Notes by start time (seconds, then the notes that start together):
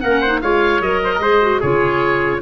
0.00 A#3 C#4 A#4 F#5
0.21 D#4 C5
0.41 G#3 F4 C#5 F5
0.81 F#3 A#4 D#5
1.03 C5
1.14 G#3 A#4
1.22 G#4 C5
1.41 F#4
1.60 C#3 F4 G#4 C#5